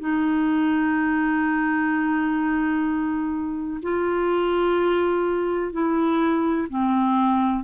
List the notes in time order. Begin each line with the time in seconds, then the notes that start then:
0.00 D#4
3.83 F4
5.73 E4
6.69 C4